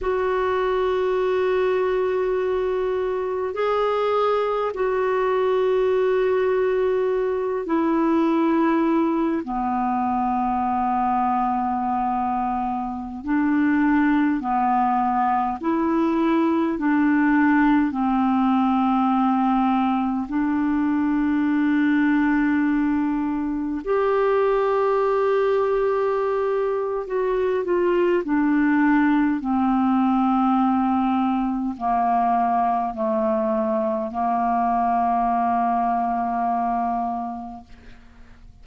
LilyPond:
\new Staff \with { instrumentName = "clarinet" } { \time 4/4 \tempo 4 = 51 fis'2. gis'4 | fis'2~ fis'8 e'4. | b2.~ b16 d'8.~ | d'16 b4 e'4 d'4 c'8.~ |
c'4~ c'16 d'2~ d'8.~ | d'16 g'2~ g'8. fis'8 f'8 | d'4 c'2 ais4 | a4 ais2. | }